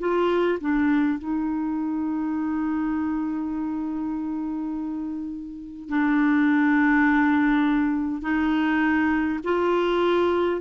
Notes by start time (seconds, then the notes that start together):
0.00 F4
0.61 D4
1.19 D#4
5.89 D4
8.22 D#4
9.44 F4